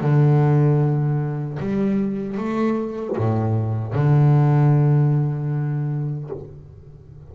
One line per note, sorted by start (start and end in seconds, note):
0.00 1.58 D3
1.59 2.37 G3
2.37 3.16 A3
3.17 3.93 A2
3.93 6.30 D3